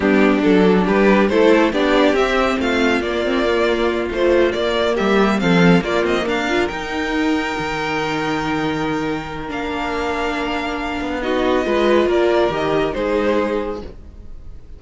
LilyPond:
<<
  \new Staff \with { instrumentName = "violin" } { \time 4/4 \tempo 4 = 139 g'4 a'4 b'4 c''4 | d''4 e''4 f''4 d''4~ | d''4. c''4 d''4 e''8~ | e''8 f''4 d''8 dis''8 f''4 g''8~ |
g''1~ | g''2 f''2~ | f''2 dis''2 | d''4 dis''4 c''2 | }
  \new Staff \with { instrumentName = "violin" } { \time 4/4 d'2 g'4 a'4 | g'2 f'2~ | f'2.~ f'8 g'8~ | g'8 a'4 f'4 ais'4.~ |
ais'1~ | ais'1~ | ais'2 fis'4 b'4 | ais'2 gis'2 | }
  \new Staff \with { instrumentName = "viola" } { \time 4/4 b4 d'2 e'4 | d'4 c'2 ais8 c'8 | ais4. f4 ais4.~ | ais8 c'4 ais4. f'8 dis'8~ |
dis'1~ | dis'2 d'2~ | d'2 dis'4 f'4~ | f'4 g'4 dis'2 | }
  \new Staff \with { instrumentName = "cello" } { \time 4/4 g4 fis4 g4 a4 | b4 c'4 a4 ais4~ | ais4. a4 ais4 g8~ | g8 f4 ais8 c'8 d'4 dis'8~ |
dis'4. dis2~ dis8~ | dis2 ais2~ | ais4. b4. gis4 | ais4 dis4 gis2 | }
>>